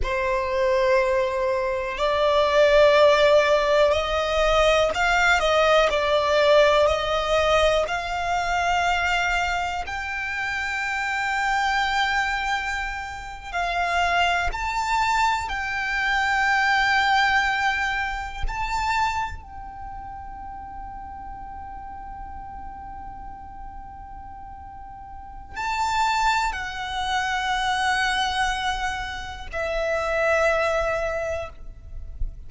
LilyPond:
\new Staff \with { instrumentName = "violin" } { \time 4/4 \tempo 4 = 61 c''2 d''2 | dis''4 f''8 dis''8 d''4 dis''4 | f''2 g''2~ | g''4.~ g''16 f''4 a''4 g''16~ |
g''2~ g''8. a''4 g''16~ | g''1~ | g''2 a''4 fis''4~ | fis''2 e''2 | }